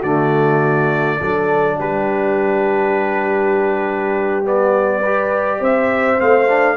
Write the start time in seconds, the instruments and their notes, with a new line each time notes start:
0.00 tuba D3, trombone A3, horn F#4, trumpet D5
1.19 tuba F#3, trombone D4, horn A4
1.78 tuba G3, horn G4, trumpet B4
4.44 trombone B3, trumpet D5
5.00 trombone G4, horn B4
5.60 tuba C4, horn C5, trumpet E5
6.18 tuba A3, trombone C4, trumpet F5
6.49 trombone D4